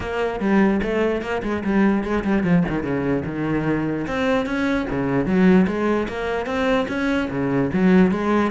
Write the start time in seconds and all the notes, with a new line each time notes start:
0.00 A#3
0.40 G3
0.82 A3
1.21 A#3
1.42 G#3
1.64 G3
2.03 G#3
2.24 G3
2.43 F3
2.68 D#3
2.83 C#3
3.25 D#3
4.07 C4
4.46 C#4
4.90 C#3
5.26 F#3
5.67 G#3
6.08 A#3
6.46 C4
6.88 C#4
7.30 C#3
7.73 F#3
8.11 G#3